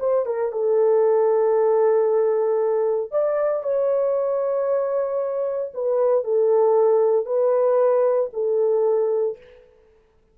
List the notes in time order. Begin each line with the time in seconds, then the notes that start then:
0.00 C5
0.26 A#4
0.52 A4
3.12 D5
3.64 C#5
5.75 B4
6.24 A4
7.26 B4
8.34 A4